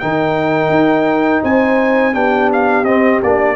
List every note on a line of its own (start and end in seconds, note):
0.00 0.70 D#3
0.00 2.14 D#4
0.00 1.43 A#4
0.00 1.43 G5
0.70 1.41 D#4
1.43 2.15 C4
1.43 2.14 C5
1.43 2.15 G#5
2.14 2.84 B3
2.14 2.85 D4
2.14 3.56 G4
2.14 2.51 G5
2.53 2.85 F5
2.84 3.20 C4
2.84 3.23 C4
2.84 3.21 D#5
3.24 3.56 A#3
3.24 3.56 D4
3.24 3.56 D5